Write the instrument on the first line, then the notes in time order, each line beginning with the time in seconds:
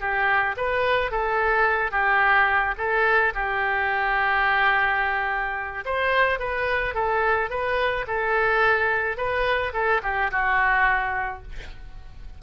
oboe
0.00 G4
0.57 B4
1.11 A4
1.91 G4
2.78 A4
3.34 G4
5.85 C5
6.39 B4
6.94 A4
7.50 B4
8.07 A4
9.17 B4
9.73 A4
10.03 G4
10.31 F#4